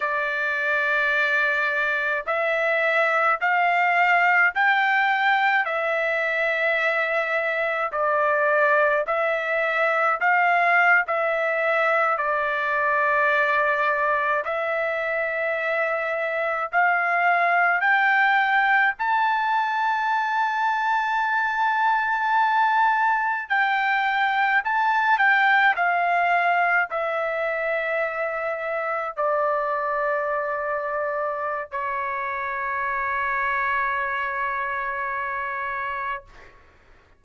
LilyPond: \new Staff \with { instrumentName = "trumpet" } { \time 4/4 \tempo 4 = 53 d''2 e''4 f''4 | g''4 e''2 d''4 | e''4 f''8. e''4 d''4~ d''16~ | d''8. e''2 f''4 g''16~ |
g''8. a''2.~ a''16~ | a''8. g''4 a''8 g''8 f''4 e''16~ | e''4.~ e''16 d''2~ d''16 | cis''1 | }